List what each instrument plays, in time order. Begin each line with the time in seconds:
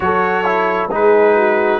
0.00 tuba F#3, trombone F#4, horn A4, trumpet C#5
0.44 trombone E4
0.89 tuba G#3, trombone D#4, horn G#4, trumpet B4
1.36 horn F#4